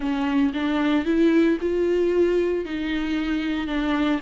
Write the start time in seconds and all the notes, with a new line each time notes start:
0.00 C#4
0.53 D4
1.05 E4
1.60 F4
2.65 D#4
3.67 D4